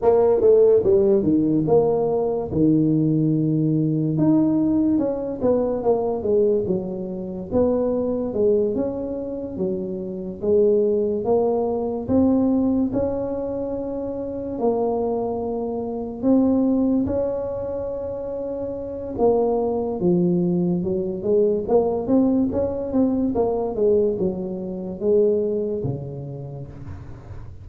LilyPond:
\new Staff \with { instrumentName = "tuba" } { \time 4/4 \tempo 4 = 72 ais8 a8 g8 dis8 ais4 dis4~ | dis4 dis'4 cis'8 b8 ais8 gis8 | fis4 b4 gis8 cis'4 fis8~ | fis8 gis4 ais4 c'4 cis'8~ |
cis'4. ais2 c'8~ | c'8 cis'2~ cis'8 ais4 | f4 fis8 gis8 ais8 c'8 cis'8 c'8 | ais8 gis8 fis4 gis4 cis4 | }